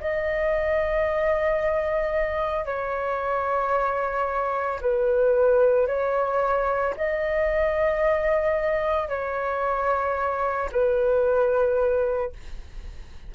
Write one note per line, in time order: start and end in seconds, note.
0.00 2.65 D#5
2.65 4.80 C#5
4.81 5.87 B4
5.87 6.94 C#5
6.97 9.09 D#5
9.09 10.69 C#5
10.72 12.33 B4